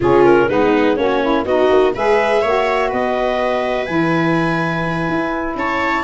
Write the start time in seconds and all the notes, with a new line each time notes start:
0.00 C#3 C#4 F4 G#4
0.24 A#4
0.48 G#3 B3 D#4 B4
0.96 A#3 C#4 F#4 C#5
1.21 E4
1.45 B3 D#4 F#4 D#5
1.70 A#3
1.94 G#3 G#4 B4 E5
2.41 A#3 F#4 C#5
2.88 B3 B4 D#5
3.85 E3 E4 G#5
5.09 E4
5.55 C#4 C#5 A5